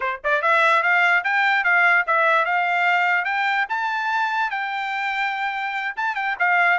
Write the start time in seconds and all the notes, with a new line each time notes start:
0.00 C5
0.24 D5
0.42 E5
0.82 F5
1.23 G5
1.63 F5
2.06 E5
2.45 F5
3.24 G5
3.69 A5
4.50 G5
5.96 A5
6.15 G5
6.39 F5